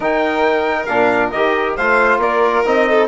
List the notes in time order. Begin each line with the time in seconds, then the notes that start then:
0.00 D#3 D#4 A#4 G5
0.85 A#2 D4 F5
1.31 D#3 G4 D#5
1.76 A3 F4 C5 F5
2.18 A#3 A#4 D5
2.65 C4 D#4 D#5
2.89 A4